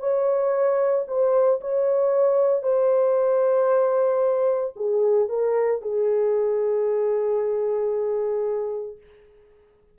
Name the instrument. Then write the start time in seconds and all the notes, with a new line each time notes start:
horn
0.00 C#5
1.08 C5
1.61 C#5
2.63 C5
4.76 G#4
5.29 A#4
5.82 G#4